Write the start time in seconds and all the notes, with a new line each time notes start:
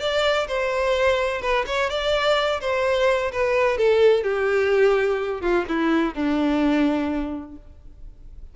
0.00 D5
0.48 C5
1.42 B4
1.67 C#5
1.90 D5
2.61 C5
3.32 B4
3.78 A4
4.23 G4
5.41 F4
5.69 E4
6.14 D4